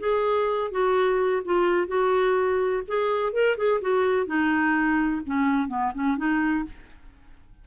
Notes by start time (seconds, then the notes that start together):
0.00 G#4
0.72 F#4
1.45 F4
1.88 F#4
2.88 G#4
3.33 A#4
3.58 G#4
3.82 F#4
4.27 D#4
5.26 C#4
5.69 B3
5.95 C#4
6.18 D#4